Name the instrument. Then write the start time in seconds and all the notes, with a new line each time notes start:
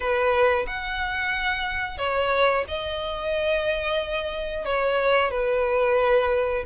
violin
0.00 B4
0.66 F#5
1.98 C#5
2.68 D#5
4.65 C#5
5.30 B4